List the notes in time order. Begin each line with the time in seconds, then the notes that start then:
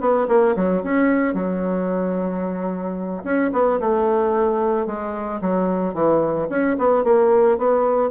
0.00 B3
0.28 A#3
0.56 F#3
0.84 C#4
1.34 F#3
3.24 C#4
3.52 B3
3.80 A3
4.86 G#3
5.41 F#3
5.93 E3
6.49 C#4
6.78 B3
7.03 A#3
7.58 B3